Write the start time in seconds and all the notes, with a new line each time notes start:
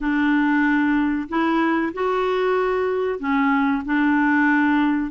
0.00 D4
1.29 E4
1.93 F#4
3.19 C#4
3.85 D4